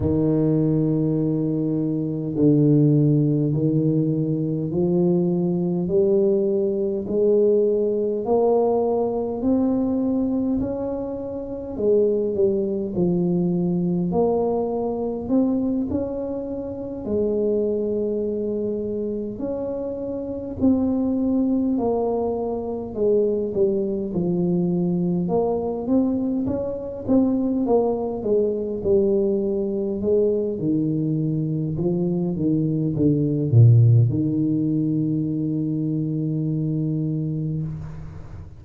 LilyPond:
\new Staff \with { instrumentName = "tuba" } { \time 4/4 \tempo 4 = 51 dis2 d4 dis4 | f4 g4 gis4 ais4 | c'4 cis'4 gis8 g8 f4 | ais4 c'8 cis'4 gis4.~ |
gis8 cis'4 c'4 ais4 gis8 | g8 f4 ais8 c'8 cis'8 c'8 ais8 | gis8 g4 gis8 dis4 f8 dis8 | d8 ais,8 dis2. | }